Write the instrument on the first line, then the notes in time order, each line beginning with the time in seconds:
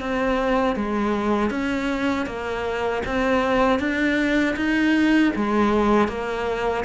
cello
0.00 C4
0.76 G#3
1.50 C#4
2.26 A#3
3.06 C4
3.79 D4
4.56 D#4
5.36 G#3
6.08 A#3